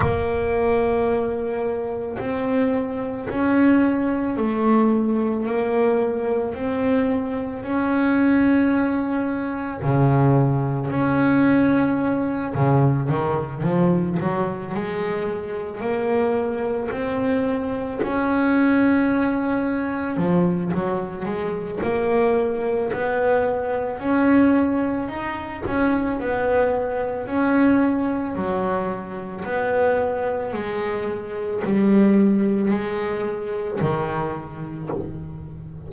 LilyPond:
\new Staff \with { instrumentName = "double bass" } { \time 4/4 \tempo 4 = 55 ais2 c'4 cis'4 | a4 ais4 c'4 cis'4~ | cis'4 cis4 cis'4. cis8 | dis8 f8 fis8 gis4 ais4 c'8~ |
c'8 cis'2 f8 fis8 gis8 | ais4 b4 cis'4 dis'8 cis'8 | b4 cis'4 fis4 b4 | gis4 g4 gis4 dis4 | }